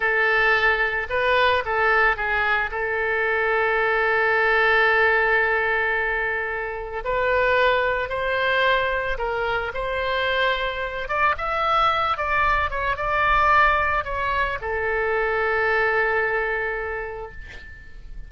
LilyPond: \new Staff \with { instrumentName = "oboe" } { \time 4/4 \tempo 4 = 111 a'2 b'4 a'4 | gis'4 a'2.~ | a'1~ | a'4 b'2 c''4~ |
c''4 ais'4 c''2~ | c''8 d''8 e''4. d''4 cis''8 | d''2 cis''4 a'4~ | a'1 | }